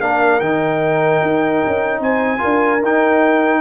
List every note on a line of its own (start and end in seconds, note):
0.00 0.40 A#3
0.00 0.41 D4
0.00 2.02 A#4
0.00 0.40 F5
0.40 1.21 D#3
0.40 2.39 D#4
0.40 2.01 G5
1.22 1.62 D#4
1.66 2.00 C#4
2.00 2.40 C4
2.00 2.41 C5
2.00 2.83 G#5
2.39 2.82 D4
2.39 2.79 F4
2.39 3.61 A#4
2.82 3.61 D#4
2.82 3.61 G5